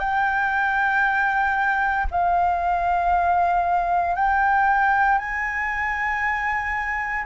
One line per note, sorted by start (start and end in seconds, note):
0.00 2.07 G5
2.12 4.16 F5
4.16 5.19 G5
5.19 7.26 G#5